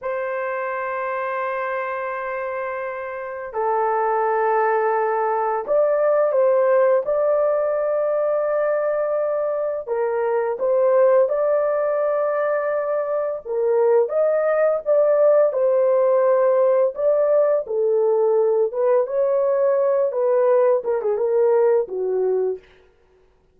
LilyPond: \new Staff \with { instrumentName = "horn" } { \time 4/4 \tempo 4 = 85 c''1~ | c''4 a'2. | d''4 c''4 d''2~ | d''2 ais'4 c''4 |
d''2. ais'4 | dis''4 d''4 c''2 | d''4 a'4. b'8 cis''4~ | cis''8 b'4 ais'16 gis'16 ais'4 fis'4 | }